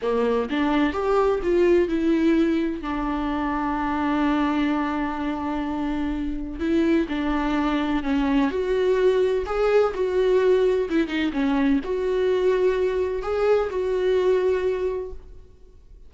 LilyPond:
\new Staff \with { instrumentName = "viola" } { \time 4/4 \tempo 4 = 127 ais4 d'4 g'4 f'4 | e'2 d'2~ | d'1~ | d'2 e'4 d'4~ |
d'4 cis'4 fis'2 | gis'4 fis'2 e'8 dis'8 | cis'4 fis'2. | gis'4 fis'2. | }